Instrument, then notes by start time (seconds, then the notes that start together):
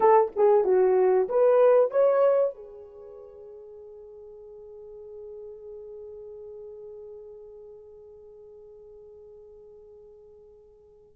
horn
0.00 A4
0.36 G#4
0.64 F#4
1.29 B4
1.91 C#5
2.54 G#4